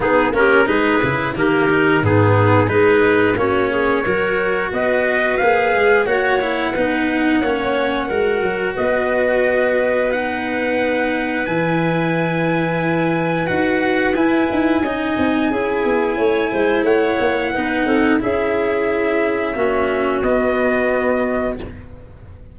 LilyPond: <<
  \new Staff \with { instrumentName = "trumpet" } { \time 4/4 \tempo 4 = 89 gis'8 ais'8 b'4 ais'4 gis'4 | b'4 cis''2 dis''4 | f''4 fis''2.~ | fis''4 dis''2 fis''4~ |
fis''4 gis''2. | fis''4 gis''2.~ | gis''4 fis''2 e''4~ | e''2 dis''2 | }
  \new Staff \with { instrumentName = "clarinet" } { \time 4/4 dis'8 g'8 gis'4 g'4 dis'4 | gis'4 fis'8 gis'8 ais'4 b'4~ | b'4 cis''4 b'4 cis''4 | ais'4 b'2.~ |
b'1~ | b'2 dis''4 gis'4 | cis''8 c''8 cis''4 b'8 a'8 gis'4~ | gis'4 fis'2. | }
  \new Staff \with { instrumentName = "cello" } { \time 4/4 b8 cis'8 dis'8 e'8 ais8 dis'8 b4 | dis'4 cis'4 fis'2 | gis'4 fis'8 e'8 dis'4 cis'4 | fis'2. dis'4~ |
dis'4 e'2. | fis'4 e'4 dis'4 e'4~ | e'2 dis'4 e'4~ | e'4 cis'4 b2 | }
  \new Staff \with { instrumentName = "tuba" } { \time 4/4 b8 ais8 gis8 cis8 dis4 gis,4 | gis4 ais4 fis4 b4 | ais8 gis8 ais4 b4 ais4 | gis8 fis8 b2.~ |
b4 e2. | dis'4 e'8 dis'8 cis'8 c'8 cis'8 b8 | a8 gis8 a8 ais8 b8 c'8 cis'4~ | cis'4 ais4 b2 | }
>>